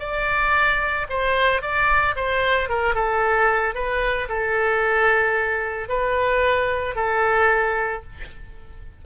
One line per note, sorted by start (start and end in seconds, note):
0.00 1.07 D5
1.10 1.62 C5
1.62 2.16 D5
2.16 2.69 C5
2.69 2.95 A#4
2.95 3.75 A4
3.75 4.28 B4
4.29 5.89 A4
5.89 6.96 B4
6.96 8.03 A4